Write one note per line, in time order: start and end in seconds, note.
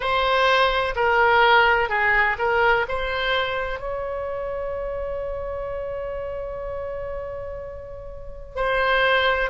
0.00 0.94 C5
0.95 1.89 A#4
1.89 2.36 G#4
2.38 2.86 A#4
2.88 3.79 C5
3.79 8.55 C#5
8.55 9.50 C5